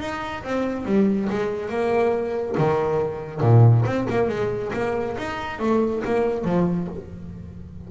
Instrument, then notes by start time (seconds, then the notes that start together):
double bass
0.00 D#4
0.44 C4
0.86 G3
1.30 G#3
1.70 A#3
2.58 D#3
3.41 A#2
3.86 C4
4.10 A#3
4.29 G#3
4.73 A#3
5.18 D#4
5.59 A3
6.05 A#3
6.45 F3